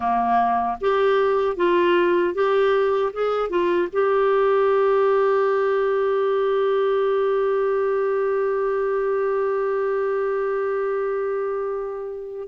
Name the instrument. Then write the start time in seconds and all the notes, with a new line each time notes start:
clarinet
0.00 A#3
0.80 G4
1.56 F4
2.34 G4
3.13 G#4
3.49 F4
3.92 G4